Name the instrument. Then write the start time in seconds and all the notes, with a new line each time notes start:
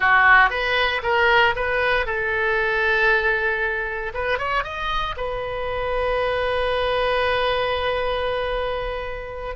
oboe
0.00 F#4
0.50 B4
1.03 A#4
1.55 B4
2.05 A4
4.14 B4
4.38 C#5
4.63 D#5
5.16 B4